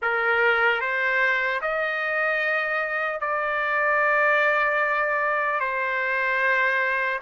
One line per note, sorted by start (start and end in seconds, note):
0.02 0.80 A#4
0.80 1.60 C5
1.61 3.20 D#5
3.20 5.60 D5
5.60 7.20 C5